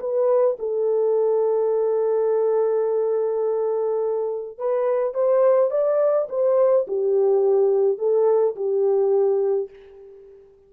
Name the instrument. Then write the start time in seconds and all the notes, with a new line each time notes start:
horn
0.00 B4
0.59 A4
4.59 B4
5.15 C5
5.71 D5
6.29 C5
6.88 G4
7.98 A4
8.56 G4